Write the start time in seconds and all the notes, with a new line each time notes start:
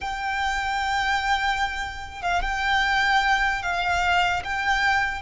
0.00 G5
2.21 F5
2.42 G5
3.62 F5
4.43 G5